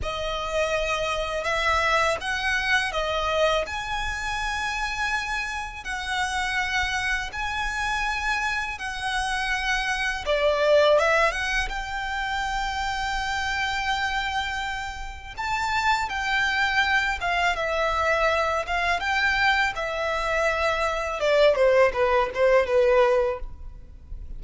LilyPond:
\new Staff \with { instrumentName = "violin" } { \time 4/4 \tempo 4 = 82 dis''2 e''4 fis''4 | dis''4 gis''2. | fis''2 gis''2 | fis''2 d''4 e''8 fis''8 |
g''1~ | g''4 a''4 g''4. f''8 | e''4. f''8 g''4 e''4~ | e''4 d''8 c''8 b'8 c''8 b'4 | }